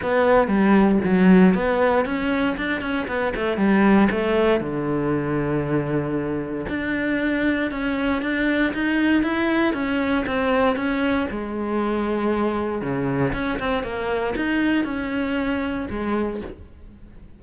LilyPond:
\new Staff \with { instrumentName = "cello" } { \time 4/4 \tempo 4 = 117 b4 g4 fis4 b4 | cis'4 d'8 cis'8 b8 a8 g4 | a4 d2.~ | d4 d'2 cis'4 |
d'4 dis'4 e'4 cis'4 | c'4 cis'4 gis2~ | gis4 cis4 cis'8 c'8 ais4 | dis'4 cis'2 gis4 | }